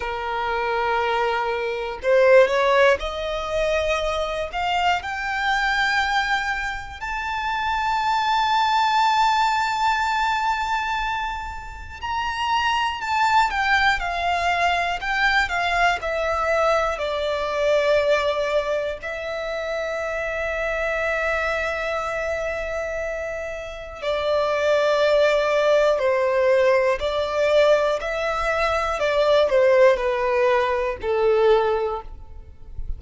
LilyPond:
\new Staff \with { instrumentName = "violin" } { \time 4/4 \tempo 4 = 60 ais'2 c''8 cis''8 dis''4~ | dis''8 f''8 g''2 a''4~ | a''1 | ais''4 a''8 g''8 f''4 g''8 f''8 |
e''4 d''2 e''4~ | e''1 | d''2 c''4 d''4 | e''4 d''8 c''8 b'4 a'4 | }